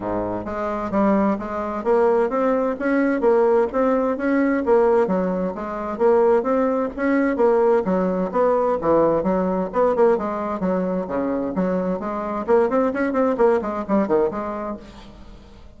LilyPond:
\new Staff \with { instrumentName = "bassoon" } { \time 4/4 \tempo 4 = 130 gis,4 gis4 g4 gis4 | ais4 c'4 cis'4 ais4 | c'4 cis'4 ais4 fis4 | gis4 ais4 c'4 cis'4 |
ais4 fis4 b4 e4 | fis4 b8 ais8 gis4 fis4 | cis4 fis4 gis4 ais8 c'8 | cis'8 c'8 ais8 gis8 g8 dis8 gis4 | }